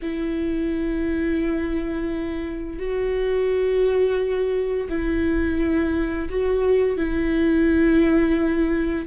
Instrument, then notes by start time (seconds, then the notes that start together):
viola
0.02 E4
2.78 F#4
4.89 E4
6.29 F#4
6.97 E4